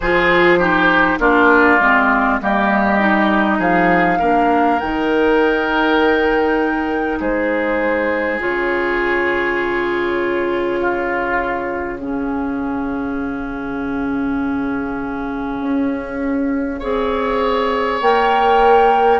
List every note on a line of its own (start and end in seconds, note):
0.00 1.19 F3
0.00 0.59 F4
0.00 0.58 G#4
0.00 1.19 C5
0.58 1.19 D#4
0.58 1.19 G4
1.19 1.79 A#3
1.19 1.79 D4
1.19 2.40 F4
1.19 2.40 D5
1.79 2.39 G#3
1.79 2.41 C4
2.41 3.58 G3
2.41 2.99 A#3
2.41 3.58 G4
2.41 3.61 D#5
2.99 4.19 D#4
3.58 4.18 F3
3.58 4.18 G#4
3.58 4.79 F5
4.18 4.80 A#3
4.18 4.80 D4
4.18 7.18 A#4
4.79 7.20 D#3
4.79 8.39 D#4
4.79 7.19 G5
7.20 8.40 G#3
7.20 10.79 G#4
7.20 8.40 C5
8.39 15.60 C#3
8.39 11.99 F4
8.39 12.01 C#5
10.80 12.00 F4
12.00 16.80 C#4
12.00 16.79 G#4
12.00 18.00 F5
15.60 16.80 C#4
16.79 18.01 C4
16.79 18.01 G#4
16.79 19.19 C#5
18.00 19.19 A#3
18.00 19.19 A#4
18.00 19.19 G5